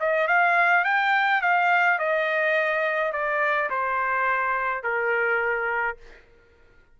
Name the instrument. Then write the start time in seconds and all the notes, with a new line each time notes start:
trumpet
0.00 D#5
0.28 F5
0.85 G5
1.42 F5
1.99 D#5
3.12 D5
3.70 C5
4.83 A#4